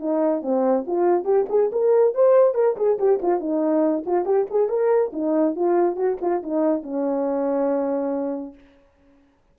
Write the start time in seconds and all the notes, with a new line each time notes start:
0.00 D#4
0.42 C4
0.87 F4
1.25 G4
1.50 G#4
1.72 A#4
2.15 C5
2.55 A#4
2.77 G#4
2.99 G4
3.22 F4
3.40 D#4
4.06 F4
4.25 G4
4.51 G#4
4.69 A#4
5.13 D#4
5.56 F4
5.96 F#4
6.21 F4
6.43 D#4
6.83 C#4